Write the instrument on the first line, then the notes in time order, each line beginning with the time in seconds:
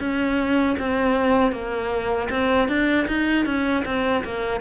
cello
0.00 C#4
0.79 C4
1.52 A#3
2.30 C4
2.69 D4
3.08 D#4
3.46 C#4
3.86 C4
4.25 A#3